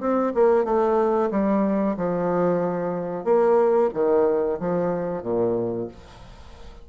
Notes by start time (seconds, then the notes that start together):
0.00 C4
0.34 A#3
0.64 A3
1.31 G3
1.97 F3
3.25 A#3
3.94 D#3
4.59 F3
5.22 A#2